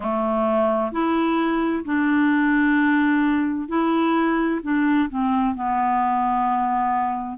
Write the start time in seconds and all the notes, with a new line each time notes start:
0.00 A3
0.92 E4
1.85 D4
3.68 E4
4.62 D4
5.09 C4
5.55 B3